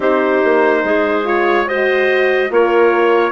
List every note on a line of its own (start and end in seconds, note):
0.00 0.41 C4
0.00 1.23 D#4
0.00 0.81 G4
0.00 1.27 C5
0.43 0.83 A#3
0.83 2.50 G#3
0.83 1.66 G#4
1.23 1.65 F4
1.23 1.68 C#5
1.66 2.49 F#4
1.66 2.49 C5
1.66 2.51 D#5
2.49 3.31 A#3
2.49 3.31 F4
2.49 3.31 A#4
2.49 3.31 C#5